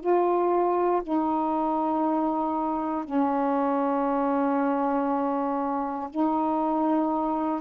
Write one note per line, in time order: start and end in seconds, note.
0.00 1.02 F4
1.02 3.04 D#4
3.04 6.09 C#4
6.09 7.60 D#4